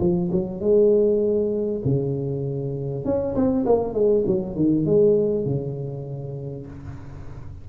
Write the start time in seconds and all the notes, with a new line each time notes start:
0.00 F3
0.32 F#3
0.60 G#3
1.85 C#3
3.05 C#4
3.35 C4
3.66 A#3
3.93 G#3
4.26 F#3
4.56 D#3
4.85 G#3
5.45 C#3